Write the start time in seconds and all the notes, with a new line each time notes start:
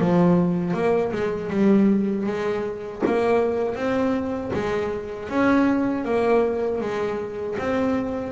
0.00 F3
0.74 A#3
1.12 G#3
1.50 G3
2.26 G#3
3.06 A#3
3.75 C4
4.53 G#3
5.29 C#4
6.04 A#3
6.80 G#3
7.58 C4